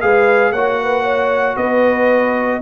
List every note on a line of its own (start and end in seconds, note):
0.00 0.51 G#3
0.00 0.53 G#4
0.00 0.52 B4
0.00 0.52 F5
0.51 1.56 A#3
0.51 2.61 F#4
0.51 0.78 C#5
0.51 1.56 F#5
0.82 1.02 B4
1.02 1.54 C#5
1.56 2.61 B3
1.56 2.61 B4
1.56 2.61 D#5